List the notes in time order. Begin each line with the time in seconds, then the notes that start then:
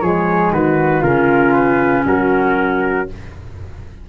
0.00 F3 G#3 G#4 C#5
0.50 D#3 F#4 B4
1.01 C#3 C#4 F4 A#4
1.53 B4
2.05 F#3 F#4 A#4